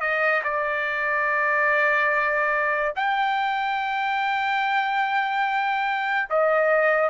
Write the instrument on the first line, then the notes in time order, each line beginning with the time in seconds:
trumpet
0.00 D#5
0.43 D5
2.95 G5
6.29 D#5